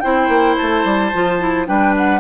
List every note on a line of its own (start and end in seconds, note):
0.00 0.28 C4
0.00 1.12 E4
0.00 1.67 C5
0.00 0.55 G5
0.28 0.56 A#3
0.57 0.84 A3
0.57 1.66 A5
0.84 1.12 G3
1.13 1.68 F3
1.13 1.39 F4
1.39 1.66 E4
1.66 2.20 G3
1.66 2.20 D4
1.66 2.20 B4
1.66 1.94 G5
1.97 2.20 F#5